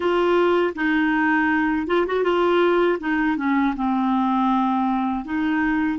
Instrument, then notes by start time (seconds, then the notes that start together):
clarinet
0.00 F4
0.75 D#4
1.87 F4
2.06 F#4
2.23 F4
2.99 D#4
3.36 C#4
3.75 C4
5.24 D#4